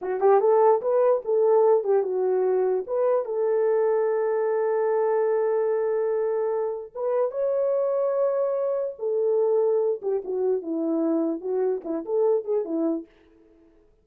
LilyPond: \new Staff \with { instrumentName = "horn" } { \time 4/4 \tempo 4 = 147 fis'8 g'8 a'4 b'4 a'4~ | a'8 g'8 fis'2 b'4 | a'1~ | a'1~ |
a'4 b'4 cis''2~ | cis''2 a'2~ | a'8 g'8 fis'4 e'2 | fis'4 e'8 a'4 gis'8 e'4 | }